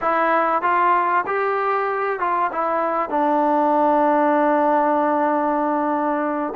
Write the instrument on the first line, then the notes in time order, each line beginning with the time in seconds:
trombone
0.01 E4
0.62 F4
1.26 G4
2.19 F4
2.51 E4
3.09 D4